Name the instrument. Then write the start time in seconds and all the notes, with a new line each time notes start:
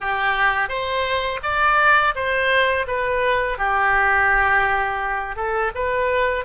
oboe
0.00 G4
0.68 C5
1.43 D5
2.15 C5
2.87 B4
3.57 G4
5.36 A4
5.74 B4